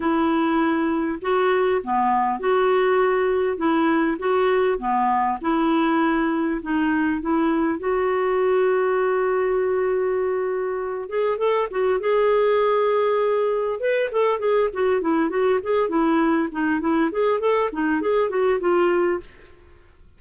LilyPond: \new Staff \with { instrumentName = "clarinet" } { \time 4/4 \tempo 4 = 100 e'2 fis'4 b4 | fis'2 e'4 fis'4 | b4 e'2 dis'4 | e'4 fis'2.~ |
fis'2~ fis'8 gis'8 a'8 fis'8 | gis'2. b'8 a'8 | gis'8 fis'8 e'8 fis'8 gis'8 e'4 dis'8 | e'8 gis'8 a'8 dis'8 gis'8 fis'8 f'4 | }